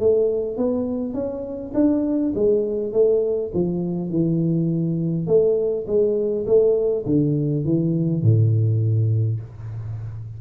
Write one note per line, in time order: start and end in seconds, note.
0.00 0.57 A3
0.57 1.14 B3
1.14 1.73 C#4
1.74 2.33 D4
2.35 2.93 G#3
2.93 3.52 A3
3.54 4.10 F3
4.10 5.27 E3
5.27 5.86 A3
5.87 6.46 G#3
6.46 7.05 A3
7.06 7.65 D3
7.65 8.23 E3
8.23 9.40 A2